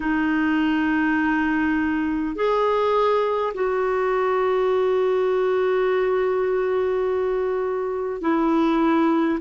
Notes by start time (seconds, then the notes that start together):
0.00 D#4
2.35 G#4
3.53 F#4
8.21 E4